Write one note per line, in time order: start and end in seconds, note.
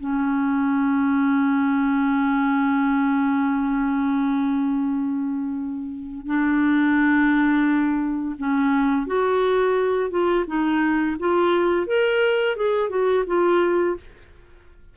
0.00 6.26 C#4
6.26 8.35 D4
8.38 9.07 C#4
9.07 10.10 F#4
10.10 10.45 F4
10.47 11.17 D#4
11.19 11.87 F4
11.87 12.56 A#4
12.56 12.89 G#4
12.89 13.24 F#4
13.27 13.97 F4